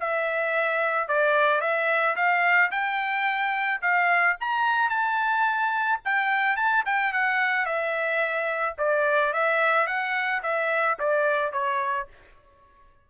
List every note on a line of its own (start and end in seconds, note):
0.00 1.08 E5
1.08 1.60 D5
1.60 2.15 E5
2.16 2.71 F5
2.71 3.81 G5
3.82 4.37 F5
4.40 4.90 A#5
4.90 6.00 A5
6.05 6.56 G5
6.56 6.84 A5
6.86 7.13 G5
7.13 7.65 F#5
7.65 8.75 E5
8.78 9.33 D5
9.33 9.87 E5
9.87 10.42 F#5
10.43 10.98 E5
10.99 11.52 D5
11.52 12.08 C#5